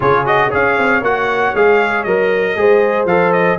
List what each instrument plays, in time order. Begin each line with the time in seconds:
0.00 tuba C#3, trombone F4, horn G#4, trumpet C#5
0.25 trombone F#4, trumpet D#5
0.47 tuba C#4, trombone G#4, horn C#5
0.54 trumpet F5
0.78 tuba C4
1.01 tuba A#3, trombone F#4, trumpet F#5
1.54 tuba G#3, trombone G#4, trumpet F5
2.03 tuba F#3, trombone A#4, trumpet D#5
2.56 tuba G#3, trombone G#4, horn C5
3.05 tuba F3, trombone A4, trumpet F5
3.32 trumpet D#5